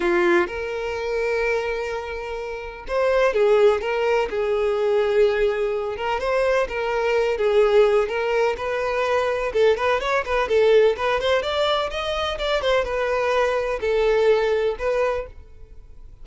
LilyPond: \new Staff \with { instrumentName = "violin" } { \time 4/4 \tempo 4 = 126 f'4 ais'2.~ | ais'2 c''4 gis'4 | ais'4 gis'2.~ | gis'8 ais'8 c''4 ais'4. gis'8~ |
gis'4 ais'4 b'2 | a'8 b'8 cis''8 b'8 a'4 b'8 c''8 | d''4 dis''4 d''8 c''8 b'4~ | b'4 a'2 b'4 | }